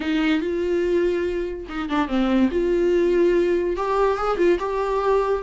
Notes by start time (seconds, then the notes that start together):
0.00 D#4
0.41 F4
1.68 D#4
1.89 D4
2.08 C4
2.51 F4
3.76 G4
4.17 G#4
4.37 F4
4.59 G4